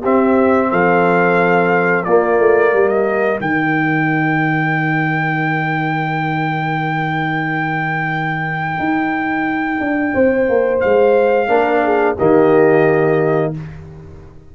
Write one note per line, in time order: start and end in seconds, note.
0.00 2.06 C4
0.00 0.72 C4
0.00 0.67 G4
0.00 0.71 E5
0.71 2.06 F3
0.71 2.06 A4
0.71 2.04 F5
2.04 2.39 A#3
2.04 3.39 A#3
2.04 2.71 F4
2.04 2.88 D5
2.39 2.72 A3
2.71 3.40 G3
2.71 10.12 A#4
2.88 3.39 D#5
3.39 8.79 D#3
3.39 11.48 D#4
3.39 10.80 G5
8.79 9.80 D#4
9.80 10.14 D4
10.14 10.48 C4
10.14 11.49 C5
10.48 10.82 A#3
10.80 11.48 G#3
10.80 12.15 F5
11.48 12.15 A#3
11.48 12.15 D4
11.48 11.83 A#4
11.84 12.17 G#4
12.17 13.55 D#3
12.17 13.53 A#3
12.17 13.52 G4
12.17 13.53 D#5